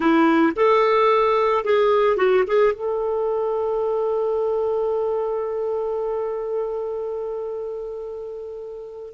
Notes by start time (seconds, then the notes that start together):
0.00 E4
0.56 A4
1.64 G#4
2.16 F#4
2.47 G#4
2.72 A4